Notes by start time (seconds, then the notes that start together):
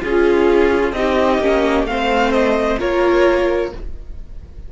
0.00 C#4 F4 G#4
0.93 C4 D#4 G4 D#5
1.39 A#3 C#4
1.84 A3 C4 F5
1.90 C5
2.33 D#5
2.79 A#3 F4 A#4 C#5